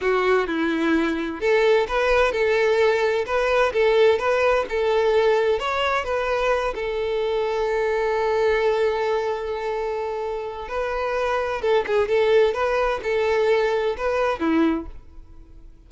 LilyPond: \new Staff \with { instrumentName = "violin" } { \time 4/4 \tempo 4 = 129 fis'4 e'2 a'4 | b'4 a'2 b'4 | a'4 b'4 a'2 | cis''4 b'4. a'4.~ |
a'1~ | a'2. b'4~ | b'4 a'8 gis'8 a'4 b'4 | a'2 b'4 e'4 | }